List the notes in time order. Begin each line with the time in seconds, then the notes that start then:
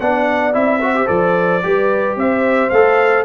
0.00 B3 D4 D5 F#5
0.53 C4 E4 E5
0.82 F#4 C5
0.95 G4
1.06 F3 A4 D5
1.63 G3 G4 B4
2.16 C4 C5 E5
2.70 A3 A4 F5